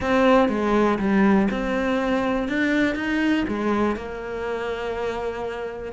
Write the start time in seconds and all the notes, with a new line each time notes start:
0.00 C4
0.48 G#3
0.98 G3
1.50 C4
2.48 D4
2.95 D#4
3.48 G#3
3.95 A#3